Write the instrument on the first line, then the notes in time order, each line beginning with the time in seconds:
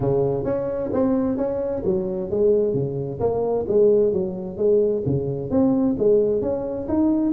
tuba
0.00 C#3
0.44 C#4
0.92 C4
1.37 C#4
1.84 F#3
2.30 G#3
2.73 C#3
3.19 A#3
3.67 G#3
4.12 F#3
4.57 G#3
5.05 C#3
5.50 C4
5.98 G#3
6.41 C#4
6.88 D#4